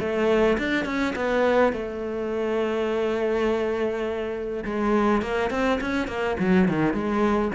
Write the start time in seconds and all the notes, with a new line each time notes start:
0.00 A3
0.58 D4
0.86 C#4
1.16 B3
1.73 A3
4.65 G#3
5.22 A#3
5.51 C4
5.81 C#4
6.08 A#3
6.40 F#3
6.69 D#3
6.94 G#3